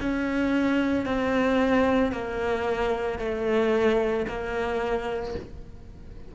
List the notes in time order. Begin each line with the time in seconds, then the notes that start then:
0.00 C#4
1.06 C4
2.12 A#3
3.19 A3
4.28 A#3